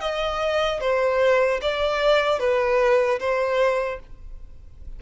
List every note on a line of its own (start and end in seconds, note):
0.00 0.80 D#5
0.80 1.60 C5
1.61 2.39 D5
2.39 3.19 B4
3.19 3.99 C5